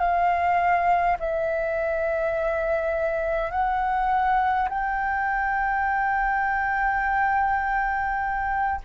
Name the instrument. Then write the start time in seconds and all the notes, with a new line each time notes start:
flute
0.00 F5
1.20 E5
3.51 F#5
4.70 G5